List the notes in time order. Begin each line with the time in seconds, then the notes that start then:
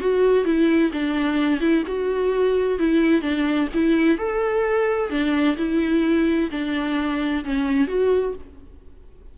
0.00 F#4
0.45 E4
0.93 D4
1.61 E4
1.87 F#4
2.79 E4
3.22 D4
3.74 E4
4.18 A4
5.10 D4
5.57 E4
6.51 D4
7.44 C#4
7.88 F#4